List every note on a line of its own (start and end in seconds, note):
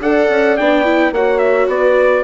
0.00 0.28 D4
0.00 0.59 A4
0.00 1.15 D5
0.00 0.57 F#5
0.30 0.58 C#4
0.57 1.12 B3
0.57 0.85 D4
0.57 1.13 G5
0.85 1.13 E4
1.12 1.68 A#3
1.12 2.25 F#4
1.12 1.70 C#5
1.12 1.39 F#5
1.39 1.67 E5
1.68 2.24 B3
1.68 2.25 B4
1.68 2.25 D5